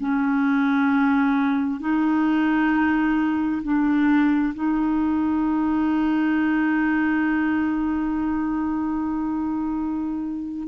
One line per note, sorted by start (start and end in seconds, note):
0.00 1.80 C#4
1.80 3.62 D#4
3.63 4.54 D4
4.55 10.68 D#4